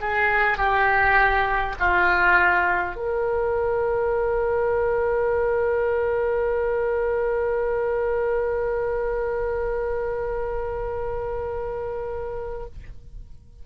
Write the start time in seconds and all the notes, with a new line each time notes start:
0.00 G#4
0.57 G4
1.79 F4
2.95 A#4